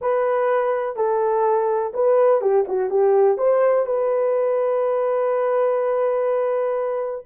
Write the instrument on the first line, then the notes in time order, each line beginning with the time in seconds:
horn
0.01 B4
0.96 A4
1.93 B4
2.41 G4
2.68 F#4
2.90 G4
3.37 C5
3.86 B4